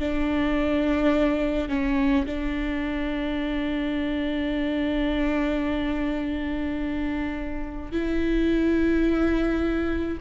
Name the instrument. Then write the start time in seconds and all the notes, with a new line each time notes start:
viola
0.00 D4
1.69 C#4
2.26 D4
7.92 E4